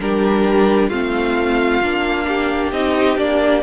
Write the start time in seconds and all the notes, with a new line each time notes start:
0.00 G3 D4 G4 A#4
0.89 A3 C4 F4 F5
1.82 A#3 D4
2.28 G4
2.72 C4 D#4 D#5
3.17 A#3 D4 D5